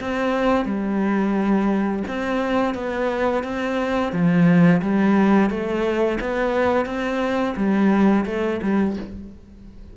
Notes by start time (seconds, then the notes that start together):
0.00 C4
0.65 G3
2.07 C4
2.74 B3
3.43 C4
4.12 F3
4.82 G3
5.50 A3
6.20 B3
6.85 C4
7.56 G3
8.25 A3
8.62 G3